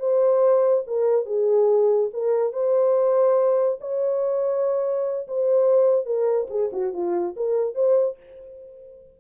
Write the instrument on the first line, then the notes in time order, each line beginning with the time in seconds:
horn
0.00 C5
0.87 A#4
1.26 G#4
2.13 A#4
2.53 C5
3.80 C#5
5.28 C5
6.06 A#4
6.50 G#4
6.72 F#4
6.94 F4
7.37 A#4
7.75 C5